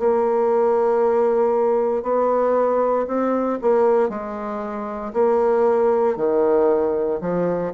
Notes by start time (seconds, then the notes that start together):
0.00 A#3
2.03 B3
3.08 C4
3.62 A#3
4.10 G#3
5.14 A#3
6.17 D#3
7.21 F3